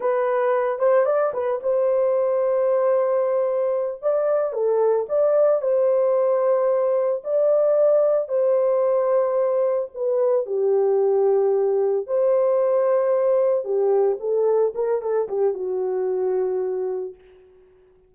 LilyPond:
\new Staff \with { instrumentName = "horn" } { \time 4/4 \tempo 4 = 112 b'4. c''8 d''8 b'8 c''4~ | c''2.~ c''8 d''8~ | d''8 a'4 d''4 c''4.~ | c''4. d''2 c''8~ |
c''2~ c''8 b'4 g'8~ | g'2~ g'8 c''4.~ | c''4. g'4 a'4 ais'8 | a'8 g'8 fis'2. | }